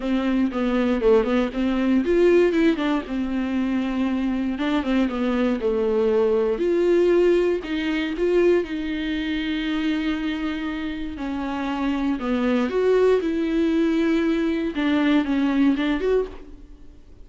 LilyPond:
\new Staff \with { instrumentName = "viola" } { \time 4/4 \tempo 4 = 118 c'4 b4 a8 b8 c'4 | f'4 e'8 d'8 c'2~ | c'4 d'8 c'8 b4 a4~ | a4 f'2 dis'4 |
f'4 dis'2.~ | dis'2 cis'2 | b4 fis'4 e'2~ | e'4 d'4 cis'4 d'8 fis'8 | }